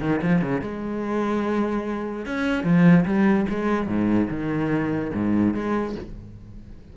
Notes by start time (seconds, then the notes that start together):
0.00 D#3
0.22 F3
0.41 C#3
0.61 G#3
2.25 C#4
2.63 F3
3.05 G3
3.49 G#3
3.87 G#2
4.29 D#3
5.13 G#2
5.54 G#3